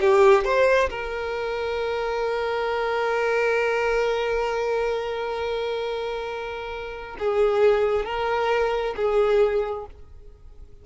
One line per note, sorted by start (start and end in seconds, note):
0.00 0.44 G4
0.44 0.89 C5
0.90 7.16 A#4
7.18 8.05 G#4
8.05 8.94 A#4
8.96 9.85 G#4